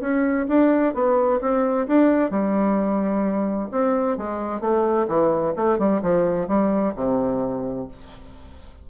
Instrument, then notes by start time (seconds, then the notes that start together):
bassoon
0.00 C#4
0.48 D4
0.94 B3
1.41 C4
1.87 D4
2.30 G3
3.71 C4
4.17 G#3
4.60 A3
5.07 E3
5.56 A3
5.78 G3
6.02 F3
6.48 G3
6.95 C3